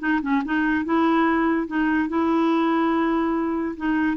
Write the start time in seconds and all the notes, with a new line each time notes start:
0.00 D#4
0.22 C#4
0.45 D#4
0.85 E4
1.68 D#4
2.09 E4
3.77 D#4